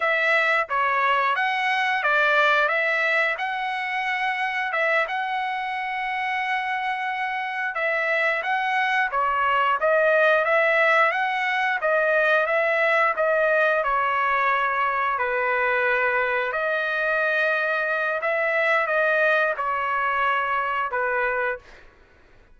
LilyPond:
\new Staff \with { instrumentName = "trumpet" } { \time 4/4 \tempo 4 = 89 e''4 cis''4 fis''4 d''4 | e''4 fis''2 e''8 fis''8~ | fis''2.~ fis''8 e''8~ | e''8 fis''4 cis''4 dis''4 e''8~ |
e''8 fis''4 dis''4 e''4 dis''8~ | dis''8 cis''2 b'4.~ | b'8 dis''2~ dis''8 e''4 | dis''4 cis''2 b'4 | }